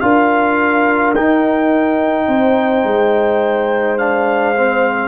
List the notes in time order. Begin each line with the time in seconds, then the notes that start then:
0.00 D4 F4 A#4 F5
1.15 D#4 G5
2.27 C4 C5
2.83 G#3
3.98 D4 F5
4.55 C4